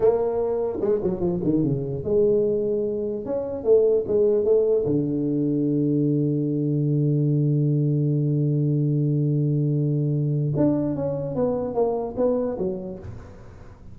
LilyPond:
\new Staff \with { instrumentName = "tuba" } { \time 4/4 \tempo 4 = 148 ais2 gis8 fis8 f8 dis8 | cis4 gis2. | cis'4 a4 gis4 a4 | d1~ |
d1~ | d1~ | d2 d'4 cis'4 | b4 ais4 b4 fis4 | }